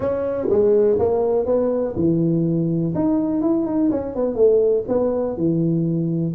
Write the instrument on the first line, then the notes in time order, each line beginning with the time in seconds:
tuba
0.00 C#4
0.49 G#3
0.98 A#3
1.45 B3
1.96 E3
2.94 D#4
3.41 E4
3.66 D#4
3.91 C#4
4.15 B3
4.35 A3
4.88 B3
5.36 E3